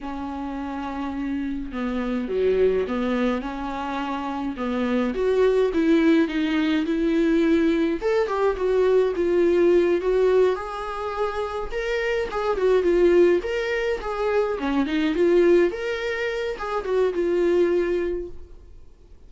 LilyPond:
\new Staff \with { instrumentName = "viola" } { \time 4/4 \tempo 4 = 105 cis'2. b4 | fis4 b4 cis'2 | b4 fis'4 e'4 dis'4 | e'2 a'8 g'8 fis'4 |
f'4. fis'4 gis'4.~ | gis'8 ais'4 gis'8 fis'8 f'4 ais'8~ | ais'8 gis'4 cis'8 dis'8 f'4 ais'8~ | ais'4 gis'8 fis'8 f'2 | }